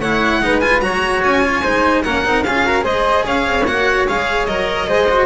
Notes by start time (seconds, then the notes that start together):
0.00 A3 E4 C#5 F#5
0.41 G#3 D#4 B4
0.60 F4 G#5
0.81 F#3 F#4 C#5 A#5
1.24 C#4 G#5
1.43 F4
1.62 G#3 D#4 C5
2.03 A#3 C#4 A#4 F#5
2.25 C4 D#4
2.43 C#4 F4 G#4 F5
2.66 F#4 A#4
2.81 G#3 G#4 C5 D#5
3.25 C#4 C#5 F5
3.46 C4
3.66 A#3 F#4 F#5
4.08 G#3 G#4 F5
4.46 F#3 A#4 D#5
4.87 G#3 G#4 C5
5.09 F#4